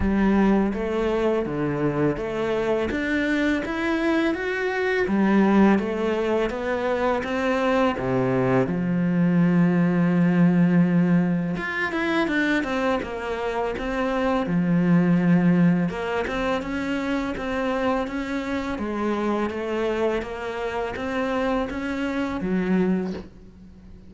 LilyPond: \new Staff \with { instrumentName = "cello" } { \time 4/4 \tempo 4 = 83 g4 a4 d4 a4 | d'4 e'4 fis'4 g4 | a4 b4 c'4 c4 | f1 |
f'8 e'8 d'8 c'8 ais4 c'4 | f2 ais8 c'8 cis'4 | c'4 cis'4 gis4 a4 | ais4 c'4 cis'4 fis4 | }